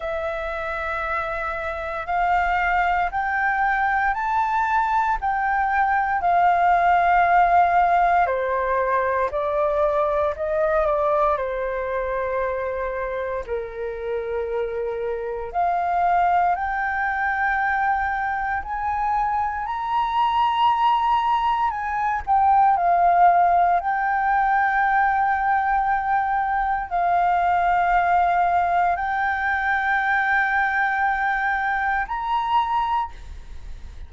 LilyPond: \new Staff \with { instrumentName = "flute" } { \time 4/4 \tempo 4 = 58 e''2 f''4 g''4 | a''4 g''4 f''2 | c''4 d''4 dis''8 d''8 c''4~ | c''4 ais'2 f''4 |
g''2 gis''4 ais''4~ | ais''4 gis''8 g''8 f''4 g''4~ | g''2 f''2 | g''2. ais''4 | }